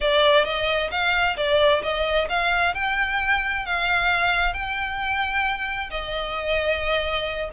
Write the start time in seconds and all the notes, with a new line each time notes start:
0.00 D5
0.44 D#5
0.91 F5
1.36 D5
1.82 D#5
2.29 F5
2.74 G5
3.65 F5
4.53 G5
5.90 D#5